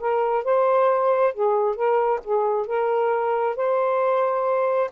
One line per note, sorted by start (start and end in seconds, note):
0.00 0.44 A#4
0.44 1.34 C5
1.34 1.76 G#4
1.76 2.20 A#4
2.24 2.67 G#4
2.67 3.56 A#4
3.57 4.91 C5